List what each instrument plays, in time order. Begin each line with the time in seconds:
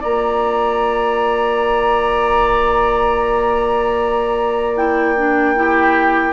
0.00 bassoon A#3, clarinet F4, oboe D5, flute A#5
4.75 clarinet E4, flute G5
5.16 clarinet D4
5.55 clarinet E4, oboe G4